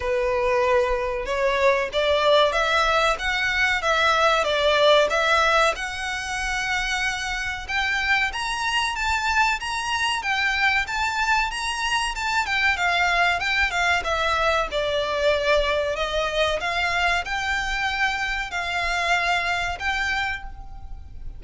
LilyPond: \new Staff \with { instrumentName = "violin" } { \time 4/4 \tempo 4 = 94 b'2 cis''4 d''4 | e''4 fis''4 e''4 d''4 | e''4 fis''2. | g''4 ais''4 a''4 ais''4 |
g''4 a''4 ais''4 a''8 g''8 | f''4 g''8 f''8 e''4 d''4~ | d''4 dis''4 f''4 g''4~ | g''4 f''2 g''4 | }